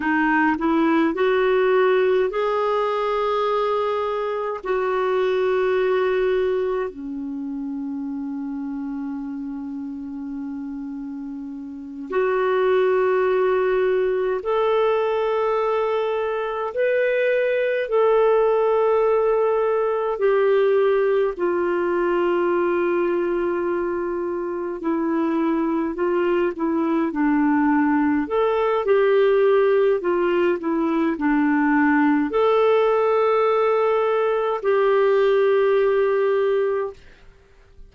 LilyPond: \new Staff \with { instrumentName = "clarinet" } { \time 4/4 \tempo 4 = 52 dis'8 e'8 fis'4 gis'2 | fis'2 cis'2~ | cis'2~ cis'8 fis'4.~ | fis'8 a'2 b'4 a'8~ |
a'4. g'4 f'4.~ | f'4. e'4 f'8 e'8 d'8~ | d'8 a'8 g'4 f'8 e'8 d'4 | a'2 g'2 | }